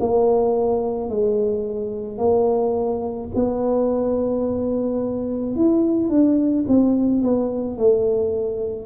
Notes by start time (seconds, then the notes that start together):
0.00 A#3
1.10 G#3
2.18 A#3
3.35 B3
5.56 E4
6.10 D4
6.68 C4
7.22 B3
7.77 A3